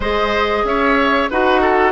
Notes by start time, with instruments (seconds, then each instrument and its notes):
0.00 bassoon G#3, clarinet G#4, oboe C5, flute D#5
0.63 bassoon C#4, oboe C#5, flute E5
1.30 bassoon D#4, clarinet F#4, oboe B4, flute F#5
1.61 oboe A4